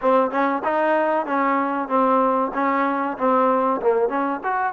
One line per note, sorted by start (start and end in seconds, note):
0.01 0.30 C4
0.30 0.62 C#4
0.63 1.26 D#4
1.26 1.88 C#4
1.88 2.51 C4
2.54 3.17 C#4
3.17 3.80 C4
3.81 4.09 A#3
4.09 4.40 C#4
4.43 4.73 F#4